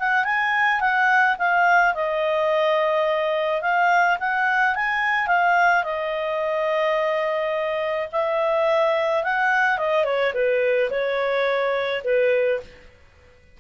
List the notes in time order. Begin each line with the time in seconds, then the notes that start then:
0.00 F#5
0.25 G#5
0.81 F#5
1.38 F5
1.94 D#5
3.62 F5
4.20 F#5
4.75 G#5
5.27 F5
5.84 D#5
8.12 E5
9.24 F#5
9.78 D#5
10.05 C#5
10.34 B4
10.91 C#5
12.04 B4